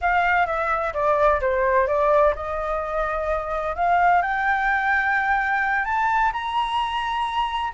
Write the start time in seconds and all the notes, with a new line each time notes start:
0.01 F5
0.46 E5
0.93 D5
1.40 C5
1.87 D5
2.35 D#5
3.75 F5
4.21 G5
5.84 A5
6.32 A#5